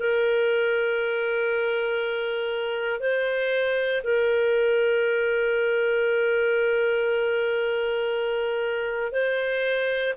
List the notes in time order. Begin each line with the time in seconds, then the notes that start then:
0.00 A#4
3.00 C5
4.04 A#4
9.12 C5